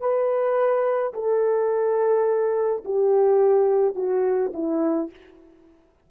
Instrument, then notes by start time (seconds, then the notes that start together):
horn
0.00 B4
1.14 A4
2.85 G4
3.95 F#4
4.54 E4